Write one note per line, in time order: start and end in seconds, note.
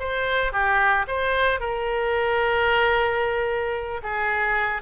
0.00 0.53 C5
0.53 1.06 G4
1.08 1.60 C5
1.60 4.01 A#4
4.03 4.82 G#4